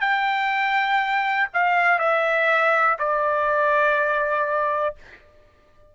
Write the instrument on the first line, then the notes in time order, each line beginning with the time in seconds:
trumpet
0.00 G5
1.53 F5
1.99 E5
2.98 D5